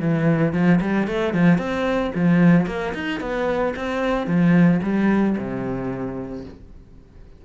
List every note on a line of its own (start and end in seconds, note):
0.00 0.53 E3
0.53 0.80 F3
0.81 1.07 G3
1.07 1.34 A3
1.34 1.58 F3
1.58 2.12 C4
2.15 2.67 F3
2.67 2.93 A#3
2.94 3.20 D#4
3.20 3.74 B3
3.76 4.27 C4
4.27 4.81 F3
4.83 5.36 G3
5.38 6.45 C3